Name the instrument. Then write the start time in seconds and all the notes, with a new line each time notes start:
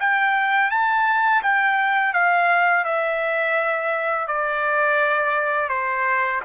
trumpet
0.00 G5
0.71 A5
1.43 G5
2.14 F5
2.85 E5
4.28 D5
5.69 C5